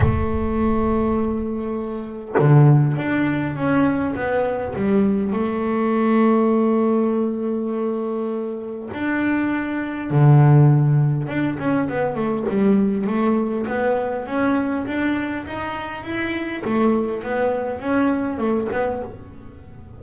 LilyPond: \new Staff \with { instrumentName = "double bass" } { \time 4/4 \tempo 4 = 101 a1 | d4 d'4 cis'4 b4 | g4 a2.~ | a2. d'4~ |
d'4 d2 d'8 cis'8 | b8 a8 g4 a4 b4 | cis'4 d'4 dis'4 e'4 | a4 b4 cis'4 a8 b8 | }